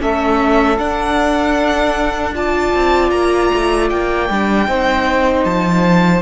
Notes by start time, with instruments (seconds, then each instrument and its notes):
0.00 cello A3, viola C#4, saxophone A4, violin E5
0.78 viola D4, cello D4, violin F#5
2.34 viola F4, saxophone D5, violin A5
2.74 cello C4
3.11 cello A#3, violin A#5
3.55 cello A3
3.90 cello A#3, violin G5
4.30 cello G3, viola D4
4.68 cello C4, viola D#4, saxophone C5
5.45 cello F3, violin A5